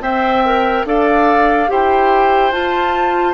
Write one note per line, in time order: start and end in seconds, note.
0.00 0.83 C4
0.00 0.43 C5
0.00 0.85 E5
0.00 0.85 G5
0.45 0.86 A#4
0.85 1.68 D4
0.85 1.68 A4
0.85 1.70 D5
0.85 1.70 F5
1.68 2.52 E4
1.68 2.52 G4
1.68 3.33 C5
1.68 2.52 G5
2.52 3.33 F4
2.52 3.33 A5